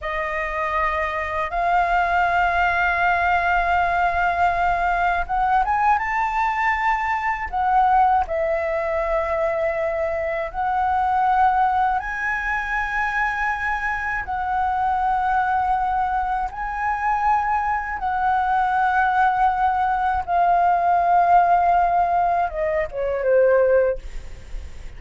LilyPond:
\new Staff \with { instrumentName = "flute" } { \time 4/4 \tempo 4 = 80 dis''2 f''2~ | f''2. fis''8 gis''8 | a''2 fis''4 e''4~ | e''2 fis''2 |
gis''2. fis''4~ | fis''2 gis''2 | fis''2. f''4~ | f''2 dis''8 cis''8 c''4 | }